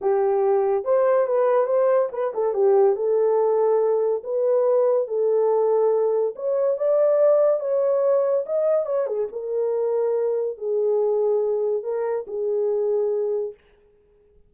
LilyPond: \new Staff \with { instrumentName = "horn" } { \time 4/4 \tempo 4 = 142 g'2 c''4 b'4 | c''4 b'8 a'8 g'4 a'4~ | a'2 b'2 | a'2. cis''4 |
d''2 cis''2 | dis''4 cis''8 gis'8 ais'2~ | ais'4 gis'2. | ais'4 gis'2. | }